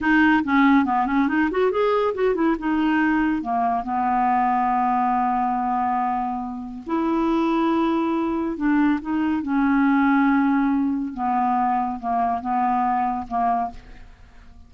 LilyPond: \new Staff \with { instrumentName = "clarinet" } { \time 4/4 \tempo 4 = 140 dis'4 cis'4 b8 cis'8 dis'8 fis'8 | gis'4 fis'8 e'8 dis'2 | ais4 b2.~ | b1 |
e'1 | d'4 dis'4 cis'2~ | cis'2 b2 | ais4 b2 ais4 | }